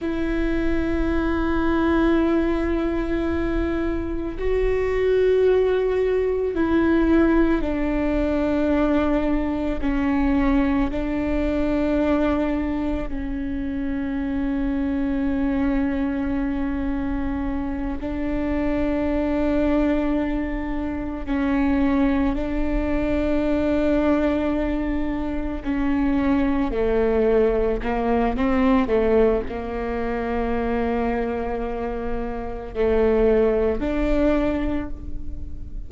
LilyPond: \new Staff \with { instrumentName = "viola" } { \time 4/4 \tempo 4 = 55 e'1 | fis'2 e'4 d'4~ | d'4 cis'4 d'2 | cis'1~ |
cis'8 d'2. cis'8~ | cis'8 d'2. cis'8~ | cis'8 a4 ais8 c'8 a8 ais4~ | ais2 a4 d'4 | }